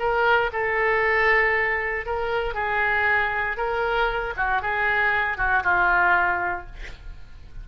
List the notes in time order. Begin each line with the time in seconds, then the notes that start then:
0.00 A#4
0.53 A4
2.07 A#4
2.55 G#4
3.58 A#4
4.37 F#4
4.62 G#4
5.38 F#4
5.64 F4